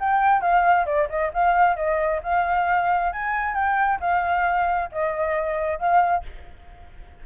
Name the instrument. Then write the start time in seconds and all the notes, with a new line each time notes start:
flute
0.00 G5
0.42 F5
0.86 D5
1.09 D#5
1.34 F5
1.77 D#5
2.23 F5
3.13 G#5
3.55 G5
4.00 F5
4.92 D#5
5.79 F5